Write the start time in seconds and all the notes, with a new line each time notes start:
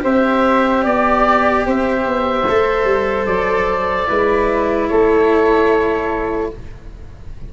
0.00 C4 G4 C5 E5
0.83 B3 D5
1.66 C4 C5 E5
2.06 B3
2.49 A3 A4
2.84 G3
3.26 F#3 D5
4.06 G#3 E4 B4
4.88 A3 A4 C#5